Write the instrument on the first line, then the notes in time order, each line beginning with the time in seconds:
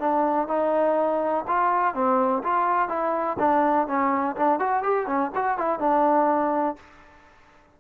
trombone
0.00 D4
0.48 D#4
1.48 F4
1.94 C4
2.44 F4
2.89 E4
3.39 D4
3.88 C#4
4.36 D4
4.60 F#4
4.83 G4
5.07 C#4
5.35 F#4
5.58 E4
5.80 D4